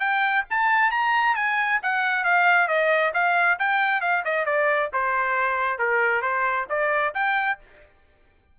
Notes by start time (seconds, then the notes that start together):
0.00 G5
0.50 A5
0.91 A#5
1.36 G#5
1.83 F#5
2.24 F5
2.68 D#5
3.14 F5
3.59 G5
4.01 F5
4.25 D#5
4.45 D5
4.93 C5
5.79 A#4
6.22 C5
6.69 D5
7.14 G5